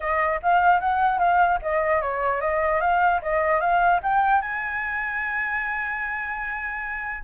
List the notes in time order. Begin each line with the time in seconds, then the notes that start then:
0.00 D#5
0.42 F5
0.80 F#5
1.18 F5
1.61 D#5
2.01 C#5
2.41 D#5
2.80 F5
3.22 D#5
3.60 F5
4.02 G5
4.41 G#5